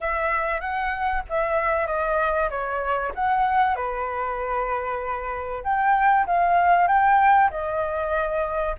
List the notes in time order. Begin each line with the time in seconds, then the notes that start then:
0.01 E5
0.60 F#5
1.29 E5
1.86 D#5
2.49 C#5
3.14 F#5
3.75 B4
5.63 G5
6.26 F5
6.87 G5
7.50 D#5